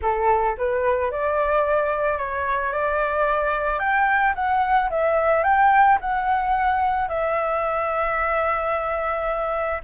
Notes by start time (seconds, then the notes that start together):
0.01 A4
0.57 B4
1.11 D5
2.18 C#5
2.72 D5
3.79 G5
4.35 F#5
4.90 E5
5.43 G5
6.00 F#5
7.08 E5